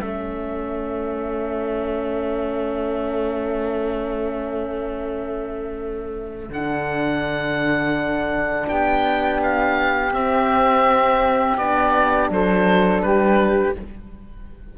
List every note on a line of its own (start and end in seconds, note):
0.00 6.49 A3
0.00 6.51 C#4
0.00 8.70 A4
0.00 6.51 E5
6.49 8.66 D3
6.49 10.13 D4
6.49 8.68 F#5
8.68 10.13 B3
8.68 12.32 G4
8.68 9.41 G5
9.43 10.13 F5
10.13 11.57 C4
10.13 11.58 C4
10.13 11.57 E5
11.57 12.30 B3
11.57 13.76 D4
11.57 12.30 D5
12.30 13.02 F#3
12.30 13.05 A4
12.30 13.02 C5
13.02 13.75 G3
13.02 13.77 G4
13.02 13.74 B4